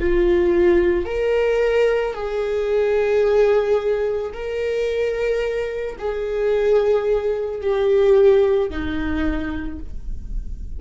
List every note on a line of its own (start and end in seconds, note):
0.00 1.06 F4
1.06 2.15 A#4
2.15 4.33 G#4
4.33 5.97 A#4
5.99 7.62 G#4
7.62 8.71 G4
8.71 9.80 D#4